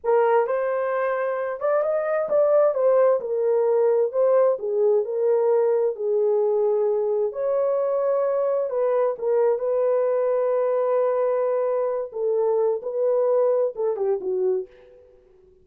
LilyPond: \new Staff \with { instrumentName = "horn" } { \time 4/4 \tempo 4 = 131 ais'4 c''2~ c''8 d''8 | dis''4 d''4 c''4 ais'4~ | ais'4 c''4 gis'4 ais'4~ | ais'4 gis'2. |
cis''2. b'4 | ais'4 b'2.~ | b'2~ b'8 a'4. | b'2 a'8 g'8 fis'4 | }